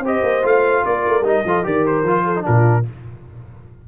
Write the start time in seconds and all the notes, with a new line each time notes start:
0.00 C4 G4 C5
0.07 D#5
0.23 A#3
0.43 A3 F4 F5
0.86 A#3 A#4 D5
1.06 A3
1.22 G3 D#4
1.28 D#5
1.45 F3 F4 A4
1.64 D#3 G4 A#4 D5
1.87 C5
2.04 F3 F4
2.25 A4
2.36 D#4
2.43 A#2 D4 F4 A#4